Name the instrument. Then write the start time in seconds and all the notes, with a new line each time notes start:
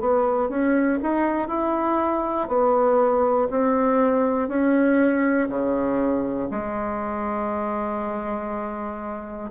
bassoon
0.00 B3
0.49 C#4
1.02 D#4
1.47 E4
2.48 B3
3.50 C4
4.48 C#4
5.48 C#3
6.50 G#3